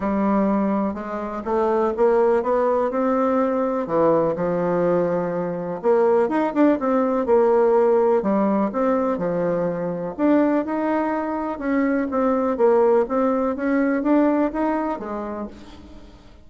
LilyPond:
\new Staff \with { instrumentName = "bassoon" } { \time 4/4 \tempo 4 = 124 g2 gis4 a4 | ais4 b4 c'2 | e4 f2. | ais4 dis'8 d'8 c'4 ais4~ |
ais4 g4 c'4 f4~ | f4 d'4 dis'2 | cis'4 c'4 ais4 c'4 | cis'4 d'4 dis'4 gis4 | }